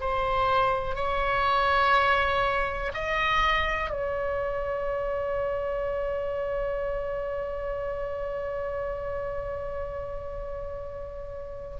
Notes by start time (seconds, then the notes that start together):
0.00 C5
0.95 C#5
2.94 D#5
3.90 C#5